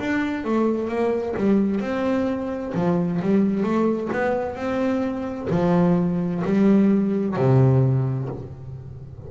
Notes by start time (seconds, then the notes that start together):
0.00 D4
0.45 A3
0.89 A#3
1.37 G3
1.81 C4
2.75 F3
3.22 G3
3.64 A3
4.13 B3
4.56 C4
5.50 F3
6.45 G3
7.37 C3